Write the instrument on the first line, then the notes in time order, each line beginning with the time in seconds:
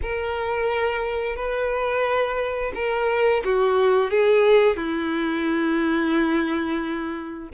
violin
0.02 A#4
1.35 B4
2.75 A#4
3.44 F#4
4.10 G#4
4.76 E4